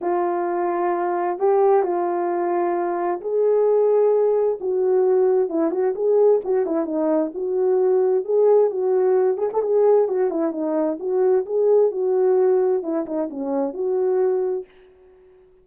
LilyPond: \new Staff \with { instrumentName = "horn" } { \time 4/4 \tempo 4 = 131 f'2. g'4 | f'2. gis'4~ | gis'2 fis'2 | e'8 fis'8 gis'4 fis'8 e'8 dis'4 |
fis'2 gis'4 fis'4~ | fis'8 gis'16 a'16 gis'4 fis'8 e'8 dis'4 | fis'4 gis'4 fis'2 | e'8 dis'8 cis'4 fis'2 | }